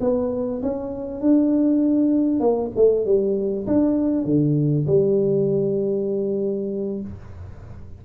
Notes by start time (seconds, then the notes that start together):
0.00 B3
0.62 C#4
1.21 D4
2.40 A#3
2.76 A3
3.05 G3
3.67 D4
4.24 D3
4.87 G3